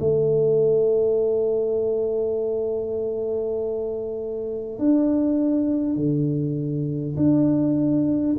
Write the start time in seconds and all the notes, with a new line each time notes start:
0.00 A3
4.79 D4
5.97 D3
7.17 D4